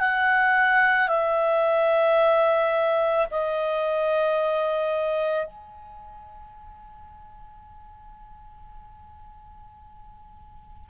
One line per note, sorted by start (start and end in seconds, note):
0.00 1.09 F#5
1.09 3.27 E5
3.31 5.47 D#5
5.47 10.90 G#5